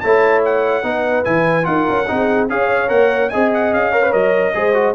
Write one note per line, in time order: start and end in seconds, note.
0.00 0.83 A3
0.00 0.83 E4
0.00 0.85 C#5
0.00 0.41 A5
0.44 1.24 F#5
0.83 1.24 B3
0.83 1.24 D#4
0.83 1.68 B4
1.24 1.66 E3
1.24 1.63 E4
1.24 1.65 G#5
1.63 1.87 D#4
1.63 2.04 F4
1.63 2.09 A#4
1.63 2.47 F#5
1.88 2.09 C#4
2.07 2.49 C4
2.07 2.49 D#4
2.07 2.49 G#4
2.49 2.90 C#4
2.49 2.88 G#4
2.49 3.30 C#5
2.49 2.89 F5
2.88 3.31 A#3
2.88 3.29 A#4
2.88 3.29 F#5
3.29 3.73 C4
3.29 3.92 G#4
3.29 3.92 D#5
3.29 3.50 G#5
3.53 3.74 F#5
3.73 4.13 C#4
3.73 4.13 F5
3.92 4.03 A#4
3.92 4.53 C#5
4.03 4.11 B4
4.11 4.54 F#3
4.11 4.52 A#4
4.11 4.95 D#5
4.54 4.95 G#3
4.54 4.73 G#4
4.54 4.95 C5
4.73 4.94 F#4